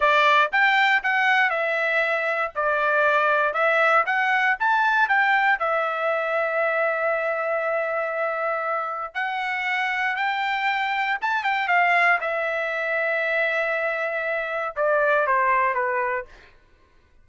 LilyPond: \new Staff \with { instrumentName = "trumpet" } { \time 4/4 \tempo 4 = 118 d''4 g''4 fis''4 e''4~ | e''4 d''2 e''4 | fis''4 a''4 g''4 e''4~ | e''1~ |
e''2 fis''2 | g''2 a''8 g''8 f''4 | e''1~ | e''4 d''4 c''4 b'4 | }